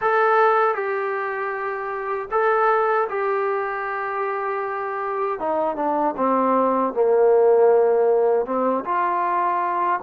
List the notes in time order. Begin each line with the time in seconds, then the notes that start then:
0.01 A4
0.74 G4
2.31 A4
3.09 G4
5.39 D#4
5.76 D4
6.16 C4
6.93 A#3
8.45 C4
8.84 F4